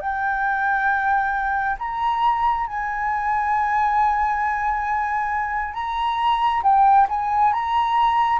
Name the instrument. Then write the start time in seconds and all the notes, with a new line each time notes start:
flute
0.00 G5
1.79 A#5
2.67 G#5
5.74 A#5
6.63 G5
7.09 G#5
7.53 A#5